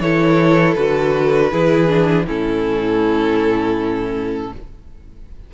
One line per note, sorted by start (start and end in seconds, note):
0.00 0.75 E3
0.00 0.76 E4
0.00 1.51 A4
0.00 0.74 C#5
0.74 1.52 D3
0.74 1.51 F#4
0.74 2.24 B4
1.51 2.27 E3
1.51 1.88 E4
1.51 2.26 G#4
1.88 2.25 D4
2.26 4.52 A2
2.26 4.52 C#4
2.26 4.51 E4
2.26 4.53 A4